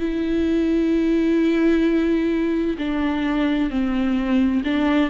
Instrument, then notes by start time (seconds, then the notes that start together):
viola
0.00 E4
2.79 D4
3.71 C4
4.64 D4